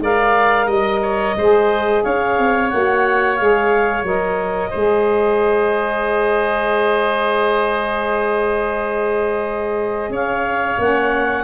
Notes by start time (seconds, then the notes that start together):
0.00 G#3 A#4 D5 F5
0.66 G3 D#5
1.02 C#5
1.36 G#3 G#4 C5
2.04 C#4 C#5 F5
2.38 C4
2.70 A#3 F#4 F#5
3.36 G#3 G#4 F5
4.03 F#3 A#4 D#5
4.70 G#3 G#4 C5
10.09 C#4 C#5 F5
10.78 A#3 C#4 F#5